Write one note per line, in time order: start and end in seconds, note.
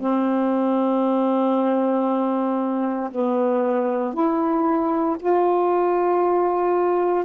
0.00 3.10 C4
3.11 4.13 B3
4.13 5.17 E4
5.19 7.25 F4